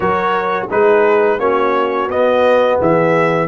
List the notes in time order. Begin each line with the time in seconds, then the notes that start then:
0.00 F#3 F#4 A#4 C#5
0.70 G#3 D#4 G#4 B4
1.38 A#3 C#4 F#4 C#5
2.08 B3 D#5
2.79 E3 G#4 E5